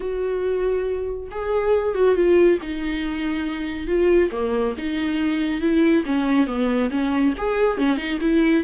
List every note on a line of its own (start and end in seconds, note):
0.00 1.29 F#4
1.31 1.94 G#4
1.94 2.15 F#4
2.15 2.58 F4
2.61 3.87 D#4
3.87 4.30 F4
4.31 4.74 A#3
4.77 5.61 D#4
5.61 6.04 E4
6.05 6.46 C#4
6.46 6.90 B3
6.90 7.33 C#4
7.37 7.77 G#4
7.77 7.97 C#4
7.97 8.18 D#4
8.21 8.63 E4